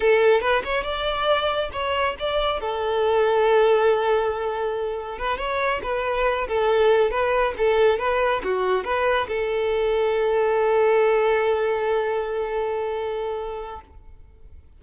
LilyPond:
\new Staff \with { instrumentName = "violin" } { \time 4/4 \tempo 4 = 139 a'4 b'8 cis''8 d''2 | cis''4 d''4 a'2~ | a'1 | b'8 cis''4 b'4. a'4~ |
a'8 b'4 a'4 b'4 fis'8~ | fis'8 b'4 a'2~ a'8~ | a'1~ | a'1 | }